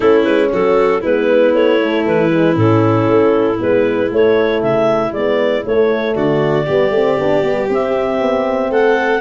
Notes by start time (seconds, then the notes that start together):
0.00 A3 C#4 E4 A4
0.24 G#3 B4
0.52 F#3 F#4 A4
1.01 G#3 B3 E4 B4
1.54 A3 C#5
1.80 A3
2.06 E3 B4
2.30 G#3
2.52 A2 C#4 A4
3.07 A3
3.58 G#3 B3 B4
4.08 A3 C#5
4.62 C#3 E5
5.12 G#3 B3 D5
5.63 A3 C#5
6.14 D3 F#4 D5
6.65 G3 B3 G4
6.89 A3 C4
7.18 B3 D4
7.41 G3 B3
7.69 C4 E5
8.20 B3
8.70 A3 A4 F#5